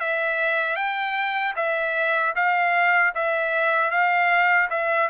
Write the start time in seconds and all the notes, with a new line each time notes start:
0.00 E5
0.76 G5
1.56 E5
2.36 F5
3.15 E5
3.91 F5
4.70 E5